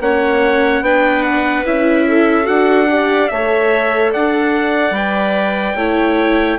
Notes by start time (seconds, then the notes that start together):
0.00 A#3 C#4 C#5 F#5
0.81 B3 D4 B4 G5
1.23 F#5
1.65 C#4 E4 E5
2.07 A4
2.43 D4 F#4 F#5
2.89 G4 D5
3.28 A3 A4 C#5 E5
4.12 D4 D5 F#5
4.91 G3 B4 G5
5.76 A3 E4 C#5